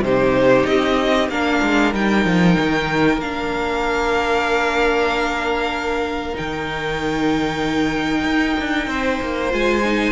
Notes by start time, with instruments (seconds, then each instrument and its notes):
0.00 cello C3, viola D#4, violin G4 C5
0.66 cello C4, violin D#5
1.29 cello A#3, viola D4, violin A#4 F5
1.62 cello G#3
1.94 cello G3, viola D#4, violin G5
2.25 cello F3
2.59 cello D#3
3.18 cello A#3, viola D4, violin F5
6.34 cello D#3, viola D#4, violin G5
8.24 cello D#4
8.60 cello D4
8.87 cello C4, violin C5
9.22 cello A#3
9.51 cello G#3, viola F4, violin G#5
9.84 viola D#4